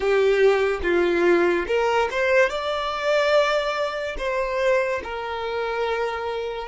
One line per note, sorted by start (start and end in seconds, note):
0.00 0.80 G4
0.82 1.66 F4
1.67 2.08 A#4
2.11 2.49 C5
2.49 4.16 D5
4.18 5.01 C5
5.03 6.68 A#4